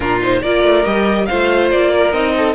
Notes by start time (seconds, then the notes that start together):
0.00 A#2 D4 F4 A#4
0.21 D#4 C5
0.42 A#3 F4 A#4 D5
0.63 A3
0.84 G3 G4 D#5
1.26 A3 F4 C5 F5
1.71 A#3 D5
1.91 A#4
2.12 C4 D#4 D#5
2.36 A4